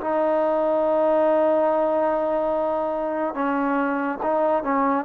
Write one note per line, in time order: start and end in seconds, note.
0.00 3.34 D#4
3.34 4.19 C#4
4.22 4.63 D#4
4.63 5.05 C#4